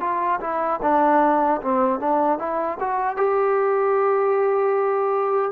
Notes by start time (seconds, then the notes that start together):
0.00 F4
0.41 E4
0.82 D4
1.62 C4
2.00 D4
2.39 E4
2.80 F#4
3.17 G4